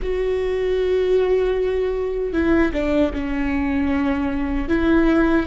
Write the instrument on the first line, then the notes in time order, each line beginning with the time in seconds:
viola
0.02 F#4
2.32 E4
2.73 D4
3.13 C#4
4.68 E4